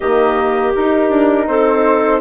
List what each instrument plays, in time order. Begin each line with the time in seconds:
0.00 bassoon D#3, horn A#3, clarinet G4, flute D#5
0.74 horn D#4, bassoon D#4, flute A#4
1.09 bassoon D4
1.47 bassoon C4, clarinet A4, flute C5